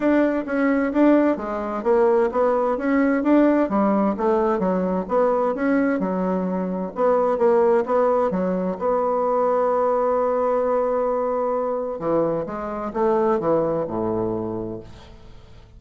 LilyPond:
\new Staff \with { instrumentName = "bassoon" } { \time 4/4 \tempo 4 = 130 d'4 cis'4 d'4 gis4 | ais4 b4 cis'4 d'4 | g4 a4 fis4 b4 | cis'4 fis2 b4 |
ais4 b4 fis4 b4~ | b1~ | b2 e4 gis4 | a4 e4 a,2 | }